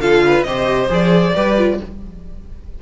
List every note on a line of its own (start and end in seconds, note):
0.00 0.44 D3
0.00 0.46 F4
0.00 0.24 A4
0.00 0.44 F5
0.26 0.48 B4
0.44 0.90 C3
0.44 0.89 G4
0.44 1.35 C5
0.44 0.88 D#5
0.89 1.35 F3
0.89 1.34 G#4
0.89 1.82 D5
1.35 1.80 G3
1.35 1.58 G4
1.35 1.79 B4
1.58 1.80 F4